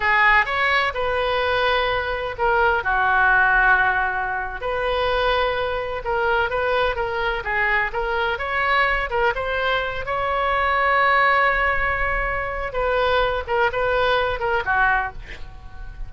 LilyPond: \new Staff \with { instrumentName = "oboe" } { \time 4/4 \tempo 4 = 127 gis'4 cis''4 b'2~ | b'4 ais'4 fis'2~ | fis'4.~ fis'16 b'2~ b'16~ | b'8. ais'4 b'4 ais'4 gis'16~ |
gis'8. ais'4 cis''4. ais'8 c''16~ | c''4~ c''16 cis''2~ cis''8.~ | cis''2. b'4~ | b'8 ais'8 b'4. ais'8 fis'4 | }